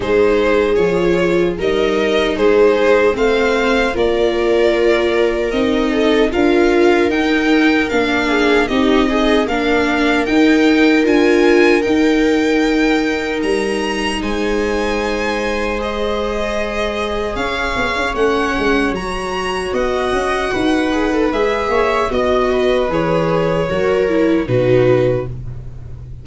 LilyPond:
<<
  \new Staff \with { instrumentName = "violin" } { \time 4/4 \tempo 4 = 76 c''4 cis''4 dis''4 c''4 | f''4 d''2 dis''4 | f''4 g''4 f''4 dis''4 | f''4 g''4 gis''4 g''4~ |
g''4 ais''4 gis''2 | dis''2 f''4 fis''4 | ais''4 fis''2 e''4 | dis''4 cis''2 b'4 | }
  \new Staff \with { instrumentName = "viola" } { \time 4/4 gis'2 ais'4 gis'4 | c''4 ais'2~ ais'8 a'8 | ais'2~ ais'8 gis'8 g'8 dis'8 | ais'1~ |
ais'2 c''2~ | c''2 cis''2~ | cis''4 dis''4 b'4. cis''8 | dis''8 b'4. ais'4 fis'4 | }
  \new Staff \with { instrumentName = "viola" } { \time 4/4 dis'4 f'4 dis'2 | c'4 f'2 dis'4 | f'4 dis'4 d'4 dis'8 gis'8 | d'4 dis'4 f'4 dis'4~ |
dis'1 | gis'2. cis'4 | fis'2~ fis'8 gis'16 a'16 gis'4 | fis'4 gis'4 fis'8 e'8 dis'4 | }
  \new Staff \with { instrumentName = "tuba" } { \time 4/4 gis4 f4 g4 gis4 | a4 ais2 c'4 | d'4 dis'4 ais4 c'4 | ais4 dis'4 d'4 dis'4~ |
dis'4 g4 gis2~ | gis2 cis'8 b16 cis'16 a8 gis8 | fis4 b8 cis'8 dis'4 gis8 ais8 | b4 e4 fis4 b,4 | }
>>